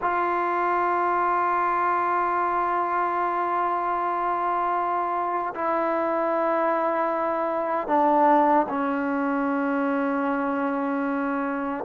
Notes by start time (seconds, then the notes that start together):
0.01 F4
5.54 E4
7.87 D4
8.68 C#4